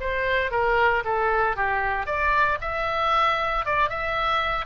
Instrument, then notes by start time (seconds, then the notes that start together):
oboe
0.00 C5
0.51 A#4
1.04 A4
1.56 G4
2.06 D5
2.61 E5
3.65 D5
3.89 E5